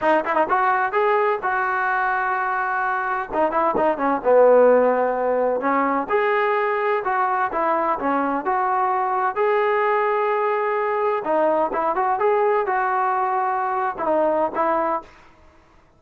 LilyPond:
\new Staff \with { instrumentName = "trombone" } { \time 4/4 \tempo 4 = 128 dis'8 e'16 dis'16 fis'4 gis'4 fis'4~ | fis'2. dis'8 e'8 | dis'8 cis'8 b2. | cis'4 gis'2 fis'4 |
e'4 cis'4 fis'2 | gis'1 | dis'4 e'8 fis'8 gis'4 fis'4~ | fis'4.~ fis'16 e'16 dis'4 e'4 | }